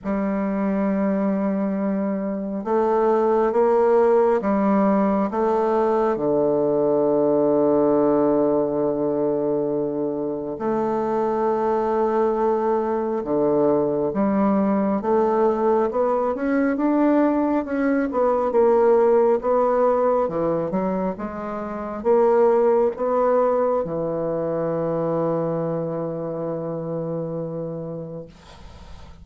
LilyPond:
\new Staff \with { instrumentName = "bassoon" } { \time 4/4 \tempo 4 = 68 g2. a4 | ais4 g4 a4 d4~ | d1 | a2. d4 |
g4 a4 b8 cis'8 d'4 | cis'8 b8 ais4 b4 e8 fis8 | gis4 ais4 b4 e4~ | e1 | }